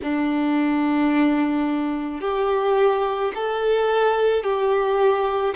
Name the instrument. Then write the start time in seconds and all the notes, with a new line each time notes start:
violin
0.02 D4
2.20 G4
3.34 A4
4.43 G4